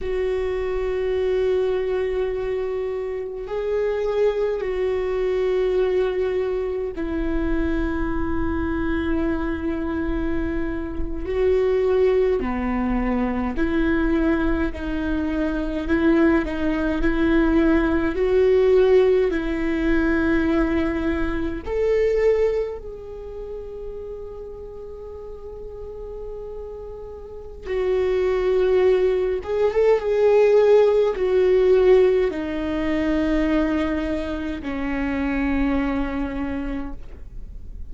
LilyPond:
\new Staff \with { instrumentName = "viola" } { \time 4/4 \tempo 4 = 52 fis'2. gis'4 | fis'2 e'2~ | e'4.~ e'16 fis'4 b4 e'16~ | e'8. dis'4 e'8 dis'8 e'4 fis'16~ |
fis'8. e'2 a'4 gis'16~ | gis'1 | fis'4. gis'16 a'16 gis'4 fis'4 | dis'2 cis'2 | }